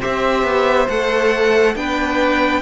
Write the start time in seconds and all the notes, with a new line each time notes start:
0.00 C4 G4 C5 E5
0.43 B3
0.88 A3 A4 F#5
1.75 B3 D4 B4 G5